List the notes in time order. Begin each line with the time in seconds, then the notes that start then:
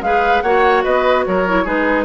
0.00 G#3 G#4 B4 F5
0.41 A#3 F#4 C#5 F#5
0.84 B3 B4 D#5
1.26 F#3 A#4 C#5
1.47 E4
1.64 G#3 D#4 G#4 B4